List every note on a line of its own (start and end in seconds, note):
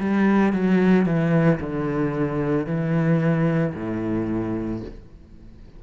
0.00 0.53 G3
0.53 1.06 F#3
1.06 1.60 E3
1.60 2.67 D3
2.67 3.74 E3
3.75 4.82 A2